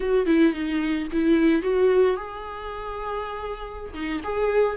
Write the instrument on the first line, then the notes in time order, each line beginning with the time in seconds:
viola
0.00 F#4
0.26 E4
0.53 D#4
1.12 E4
1.62 F#4
2.16 G#4
3.94 D#4
4.23 G#4